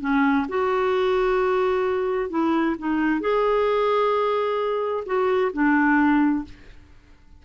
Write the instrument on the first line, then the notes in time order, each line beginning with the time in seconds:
clarinet
0.00 C#4
0.48 F#4
2.29 E4
2.78 D#4
3.20 G#4
5.05 F#4
5.53 D4